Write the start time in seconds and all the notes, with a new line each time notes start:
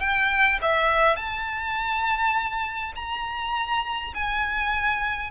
0.00 G5
0.62 E5
1.16 A5
2.95 A#5
4.14 G#5